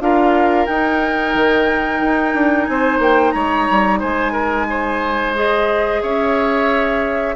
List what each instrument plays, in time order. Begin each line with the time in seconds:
0.00 bassoon D4, clarinet F4, oboe A#4, flute F5
0.66 bassoon D#4, clarinet D#4, flute G5
1.34 bassoon D#3
2.01 bassoon D#4
2.34 bassoon D4
2.64 bassoon C4, oboe C5, flute G#5
2.99 bassoon A#3, flute G5
3.31 bassoon G#3, oboe C#5, flute A#5
3.70 bassoon G3
3.99 bassoon G#3, oboe C5, flute G#5
4.32 oboe A#4
4.69 oboe C5
5.35 clarinet G#4, flute D#5
6.02 bassoon C#4, oboe C#5, flute E5